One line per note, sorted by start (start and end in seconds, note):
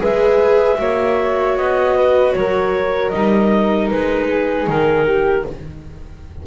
0.00 0.80 G#3
0.00 0.78 G#4
0.00 0.78 B4
0.00 1.58 E5
0.78 1.57 A#3
0.78 3.12 F#4
0.78 1.97 C#5
1.57 2.35 B3
1.57 2.33 D#5
1.97 2.36 B4
2.33 3.14 F#3
2.33 4.28 A#4
2.33 3.11 C#5
3.11 3.92 G3
3.11 5.47 D#4
3.11 3.88 D#5
3.90 4.68 G#3
3.90 4.68 B4
4.28 5.06 G#4
4.68 5.45 D#3
4.68 5.47 A#4
5.06 5.45 G4